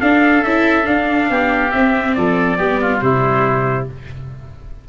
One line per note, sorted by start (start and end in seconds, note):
0.00 0.43 D4
0.00 1.29 A4
0.00 0.43 F5
0.43 0.86 C#4
0.43 0.84 E4
0.43 0.86 E5
0.84 1.69 D4
0.84 1.30 D4
0.84 1.71 F5
1.30 1.72 B3
1.30 2.16 G4
1.71 2.57 C4
1.71 2.15 C4
1.71 2.14 E5
2.14 2.58 F3
2.14 2.57 A4
2.14 3.00 D5
2.57 3.01 G3
2.57 3.00 B3
2.57 2.79 G4
2.81 3.02 F4
3.00 3.87 C3
3.00 3.87 G3
3.00 3.88 E4
3.00 3.86 C5